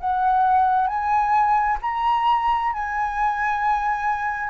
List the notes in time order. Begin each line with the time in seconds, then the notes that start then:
0.00 F#5
0.87 G#5
1.82 A#5
2.73 G#5